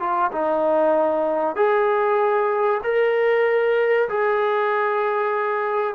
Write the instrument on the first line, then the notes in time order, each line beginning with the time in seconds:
trombone
0.00 F4
0.32 D#4
1.56 G#4
2.84 A#4
4.09 G#4